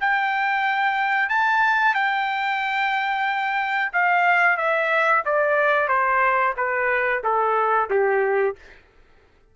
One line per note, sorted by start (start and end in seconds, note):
0.00 1.29 G5
1.29 1.94 A5
1.94 3.92 G5
3.92 4.57 F5
4.57 5.23 E5
5.25 5.88 D5
5.88 6.54 C5
6.56 7.22 B4
7.23 7.89 A4
7.89 8.55 G4